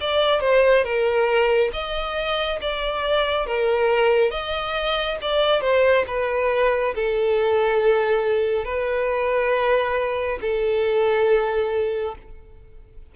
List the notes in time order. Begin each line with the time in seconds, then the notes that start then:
0.00 D5
0.40 C5
0.83 A#4
1.72 D#5
2.61 D5
3.46 A#4
4.30 D#5
5.21 D5
5.61 C5
6.07 B4
6.95 A4
8.64 B4
10.41 A4